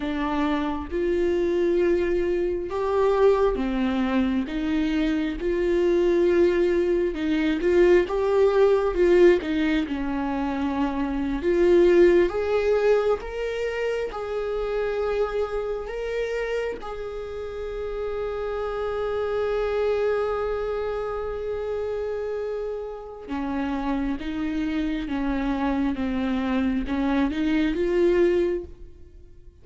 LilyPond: \new Staff \with { instrumentName = "viola" } { \time 4/4 \tempo 4 = 67 d'4 f'2 g'4 | c'4 dis'4 f'2 | dis'8 f'8 g'4 f'8 dis'8 cis'4~ | cis'8. f'4 gis'4 ais'4 gis'16~ |
gis'4.~ gis'16 ais'4 gis'4~ gis'16~ | gis'1~ | gis'2 cis'4 dis'4 | cis'4 c'4 cis'8 dis'8 f'4 | }